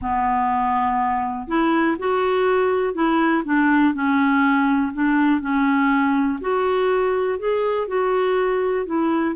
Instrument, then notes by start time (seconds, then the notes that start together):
clarinet
0.01 B3
1.47 E4
1.99 F#4
2.94 E4
3.44 D4
3.93 C#4
4.93 D4
5.41 C#4
6.40 F#4
7.38 G#4
7.87 F#4
8.85 E4